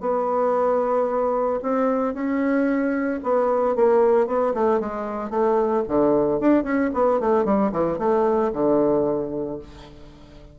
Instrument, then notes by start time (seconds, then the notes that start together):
bassoon
0.00 B3
1.62 C4
2.14 C#4
3.23 B3
3.75 A#3
4.26 B3
4.54 A3
4.80 G#3
5.30 A3
5.87 D3
6.40 D4
6.63 C#4
6.93 B3
7.20 A3
7.45 G3
7.72 E3
7.98 A3
8.52 D3